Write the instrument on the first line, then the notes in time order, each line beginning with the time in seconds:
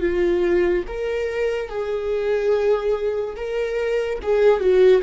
viola
0.00 F4
0.87 A#4
1.69 G#4
3.36 A#4
4.22 G#4
4.60 F#4